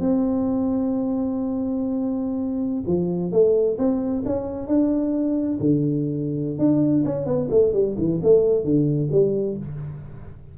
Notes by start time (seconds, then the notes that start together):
0.00 C4
2.87 F3
3.32 A3
3.78 C4
4.26 C#4
4.68 D4
5.60 D3
6.59 D4
7.05 C#4
7.26 B3
7.50 A3
7.73 G3
7.98 E3
8.23 A3
8.64 D3
9.12 G3